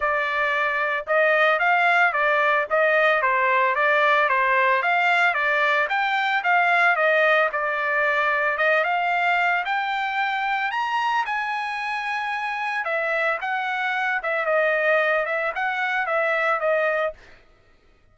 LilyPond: \new Staff \with { instrumentName = "trumpet" } { \time 4/4 \tempo 4 = 112 d''2 dis''4 f''4 | d''4 dis''4 c''4 d''4 | c''4 f''4 d''4 g''4 | f''4 dis''4 d''2 |
dis''8 f''4. g''2 | ais''4 gis''2. | e''4 fis''4. e''8 dis''4~ | dis''8 e''8 fis''4 e''4 dis''4 | }